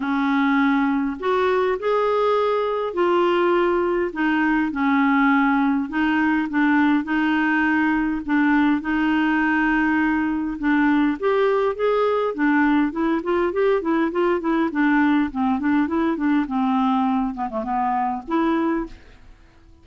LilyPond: \new Staff \with { instrumentName = "clarinet" } { \time 4/4 \tempo 4 = 102 cis'2 fis'4 gis'4~ | gis'4 f'2 dis'4 | cis'2 dis'4 d'4 | dis'2 d'4 dis'4~ |
dis'2 d'4 g'4 | gis'4 d'4 e'8 f'8 g'8 e'8 | f'8 e'8 d'4 c'8 d'8 e'8 d'8 | c'4. b16 a16 b4 e'4 | }